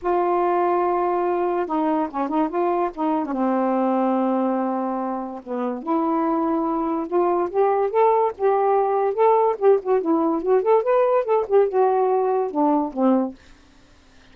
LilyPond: \new Staff \with { instrumentName = "saxophone" } { \time 4/4 \tempo 4 = 144 f'1 | dis'4 cis'8 dis'8 f'4 dis'8. cis'16 | c'1~ | c'4 b4 e'2~ |
e'4 f'4 g'4 a'4 | g'2 a'4 g'8 fis'8 | e'4 fis'8 a'8 b'4 a'8 g'8 | fis'2 d'4 c'4 | }